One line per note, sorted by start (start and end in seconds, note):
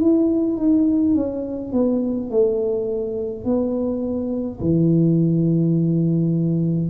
0.00 0.57 E4
0.57 1.14 D#4
1.15 1.73 C#4
1.73 2.30 B3
2.30 3.45 A3
3.45 4.60 B3
4.60 6.90 E3